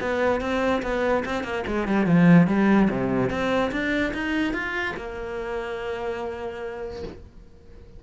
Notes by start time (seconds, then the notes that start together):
0.00 B3
0.41 C4
0.82 B3
1.25 C4
1.43 A#3
1.66 G#3
1.87 G3
2.06 F3
2.47 G3
2.90 C3
3.30 C4
3.71 D4
4.13 D#4
4.53 F4
4.96 A#3